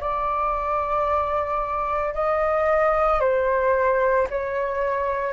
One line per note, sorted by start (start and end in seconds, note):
0.00 2.14 D5
2.14 3.20 D#5
3.20 4.27 C5
4.30 5.32 C#5